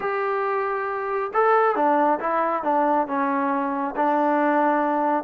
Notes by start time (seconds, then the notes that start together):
0.00 G4
1.33 A4
1.75 D4
2.19 E4
2.63 D4
3.07 C#4
3.96 D4